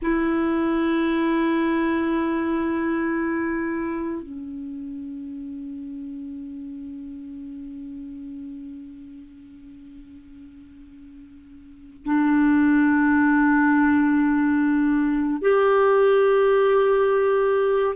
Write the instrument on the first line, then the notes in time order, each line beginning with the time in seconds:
clarinet
0.02 E4
4.22 C#4
12.04 D4
15.41 G4